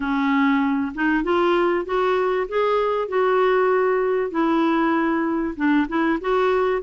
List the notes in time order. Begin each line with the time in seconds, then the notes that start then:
0.00 C#4
0.94 D#4
1.23 F4
1.85 F#4
2.48 G#4
3.08 F#4
4.30 E4
5.56 D4
5.88 E4
6.20 F#4